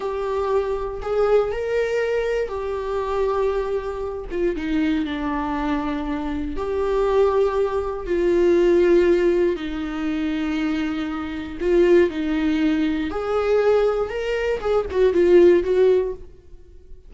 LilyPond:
\new Staff \with { instrumentName = "viola" } { \time 4/4 \tempo 4 = 119 g'2 gis'4 ais'4~ | ais'4 g'2.~ | g'8 f'8 dis'4 d'2~ | d'4 g'2. |
f'2. dis'4~ | dis'2. f'4 | dis'2 gis'2 | ais'4 gis'8 fis'8 f'4 fis'4 | }